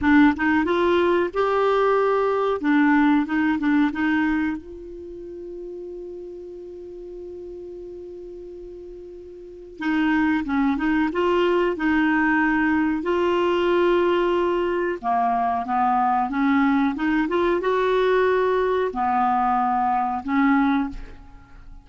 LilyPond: \new Staff \with { instrumentName = "clarinet" } { \time 4/4 \tempo 4 = 92 d'8 dis'8 f'4 g'2 | d'4 dis'8 d'8 dis'4 f'4~ | f'1~ | f'2. dis'4 |
cis'8 dis'8 f'4 dis'2 | f'2. ais4 | b4 cis'4 dis'8 f'8 fis'4~ | fis'4 b2 cis'4 | }